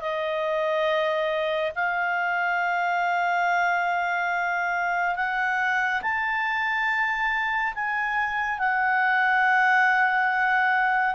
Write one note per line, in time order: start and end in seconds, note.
0.00 1.71 D#5
1.75 5.15 F5
5.15 6.01 F#5
6.02 7.73 A5
7.75 8.59 G#5
8.59 11.15 F#5